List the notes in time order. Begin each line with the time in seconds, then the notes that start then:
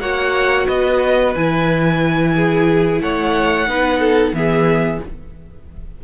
0.00 A#3 F#4 C#5 F#5
0.67 B3 B4 D#5
1.35 E3 E4 G#5
2.36 G#4
3.01 A3 C#5 F#5
3.67 B3 D#4 B4
3.99 A4
4.32 E3 B3 G#4 E5